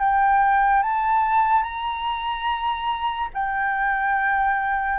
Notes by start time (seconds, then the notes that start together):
0.00 G5
0.83 A5
1.63 A#5
3.34 G5